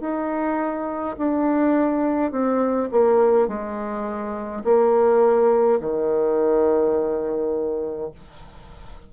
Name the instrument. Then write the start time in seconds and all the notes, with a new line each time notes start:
bassoon
0.00 D#4
1.17 D4
2.31 C4
2.91 A#3
3.47 G#3
4.64 A#3
5.80 D#3